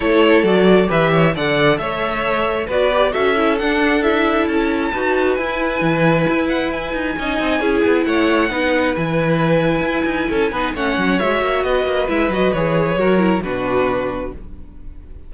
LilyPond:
<<
  \new Staff \with { instrumentName = "violin" } { \time 4/4 \tempo 4 = 134 cis''4 d''4 e''4 fis''4 | e''2 d''4 e''4 | fis''4 e''4 a''2 | gis''2~ gis''8 fis''8 gis''4~ |
gis''2 fis''2 | gis''1 | fis''4 e''4 dis''4 e''8 dis''8 | cis''2 b'2 | }
  \new Staff \with { instrumentName = "violin" } { \time 4/4 a'2 b'8 cis''8 d''4 | cis''2 b'4 a'4~ | a'2. b'4~ | b'1 |
dis''4 gis'4 cis''4 b'4~ | b'2. a'8 b'8 | cis''2 b'2~ | b'4 ais'4 fis'2 | }
  \new Staff \with { instrumentName = "viola" } { \time 4/4 e'4 fis'4 g'4 a'4~ | a'2 fis'8 g'8 fis'8 e'8 | d'4 e'2 fis'4 | e'1 |
dis'4 e'2 dis'4 | e'2.~ e'8 dis'8 | cis'4 fis'2 e'8 fis'8 | gis'4 fis'8 e'8 d'2 | }
  \new Staff \with { instrumentName = "cello" } { \time 4/4 a4 fis4 e4 d4 | a2 b4 cis'4 | d'2 cis'4 dis'4 | e'4 e4 e'4. dis'8 |
cis'8 c'8 cis'8 b8 a4 b4 | e2 e'8 dis'8 cis'8 b8 | a8 fis8 gis8 ais8 b8 ais8 gis8 fis8 | e4 fis4 b,2 | }
>>